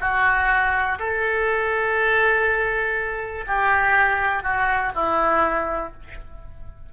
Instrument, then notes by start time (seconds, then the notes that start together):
oboe
0.00 F#4
0.99 A4
3.46 G4
4.43 F#4
4.94 E4